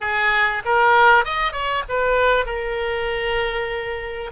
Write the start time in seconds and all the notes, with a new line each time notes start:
0.00 G#4
0.65 A#4
1.25 D#5
1.52 C#5
1.88 B4
2.45 A#4